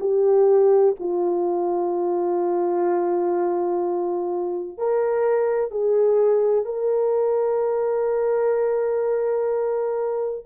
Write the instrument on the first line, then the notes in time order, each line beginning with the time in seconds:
horn
0.00 G4
0.99 F4
4.78 A#4
5.71 G#4
6.65 A#4